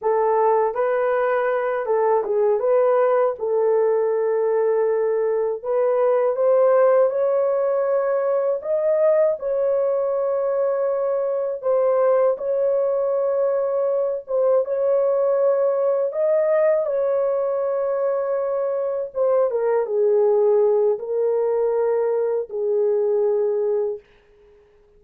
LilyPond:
\new Staff \with { instrumentName = "horn" } { \time 4/4 \tempo 4 = 80 a'4 b'4. a'8 gis'8 b'8~ | b'8 a'2. b'8~ | b'8 c''4 cis''2 dis''8~ | dis''8 cis''2. c''8~ |
c''8 cis''2~ cis''8 c''8 cis''8~ | cis''4. dis''4 cis''4.~ | cis''4. c''8 ais'8 gis'4. | ais'2 gis'2 | }